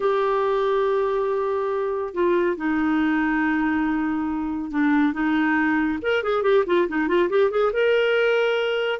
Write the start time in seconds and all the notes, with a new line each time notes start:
0.00 G4
2.14 F4
2.57 D#4
4.71 D4
5.13 D#4
6.01 A#4
6.23 G#4
6.42 G4
6.66 F4
6.88 D#4
7.07 F4
7.29 G4
7.50 G#4
7.72 A#4